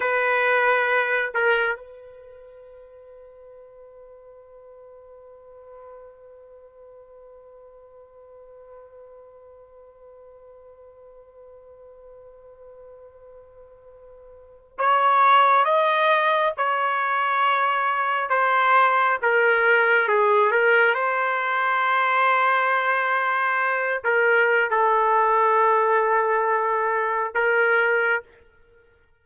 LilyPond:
\new Staff \with { instrumentName = "trumpet" } { \time 4/4 \tempo 4 = 68 b'4. ais'8 b'2~ | b'1~ | b'1~ | b'1~ |
b'8. cis''4 dis''4 cis''4~ cis''16~ | cis''8. c''4 ais'4 gis'8 ais'8 c''16~ | c''2.~ c''16 ais'8. | a'2. ais'4 | }